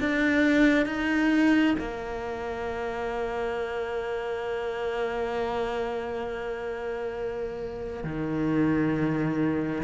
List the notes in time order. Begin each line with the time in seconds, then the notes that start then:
0.00 D4
0.86 D#4
1.79 A#3
8.04 D#3